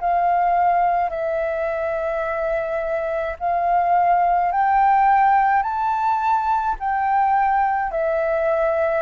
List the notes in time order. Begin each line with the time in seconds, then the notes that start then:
0.00 F5
1.10 E5
3.39 F5
4.52 G5
5.62 A5
6.79 G5
7.91 E5